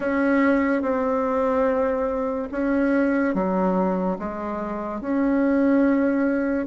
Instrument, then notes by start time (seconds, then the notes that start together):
bassoon
0.00 C#4
0.81 C4
2.52 C#4
3.34 F#3
4.19 G#3
5.00 C#4